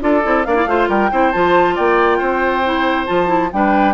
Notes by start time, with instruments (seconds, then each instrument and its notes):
0.00 bassoon D4, clarinet F4, oboe A4, flute D5
0.23 bassoon C4, clarinet E4
0.44 bassoon A#3, clarinet D4, oboe D5, flute F5
0.55 clarinet E4
0.66 bassoon A3, clarinet F4, oboe C5
0.88 bassoon G3, oboe A#4, flute G5
1.11 bassoon C4, clarinet E4, oboe C5
1.32 bassoon F3, clarinet F4, flute A5
1.75 bassoon A#3, oboe D5, flute G5
2.18 bassoon C4, oboe C5
2.64 clarinet E4
3.06 bassoon F3, clarinet F4, flute A5
3.26 clarinet E4
3.52 bassoon G3, clarinet D4, oboe B4, flute G5